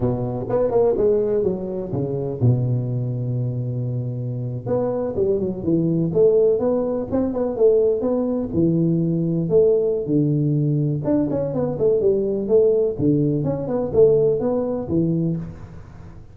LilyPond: \new Staff \with { instrumentName = "tuba" } { \time 4/4 \tempo 4 = 125 b,4 b8 ais8 gis4 fis4 | cis4 b,2.~ | b,4.~ b,16 b4 g8 fis8 e16~ | e8. a4 b4 c'8 b8 a16~ |
a8. b4 e2 a16~ | a4 d2 d'8 cis'8 | b8 a8 g4 a4 d4 | cis'8 b8 a4 b4 e4 | }